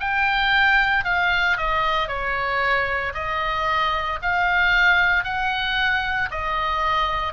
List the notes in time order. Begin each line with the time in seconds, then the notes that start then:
0.00 G5
1.04 F5
1.57 D#5
2.08 C#5
3.14 D#5
4.22 F5
5.24 F#5
6.31 D#5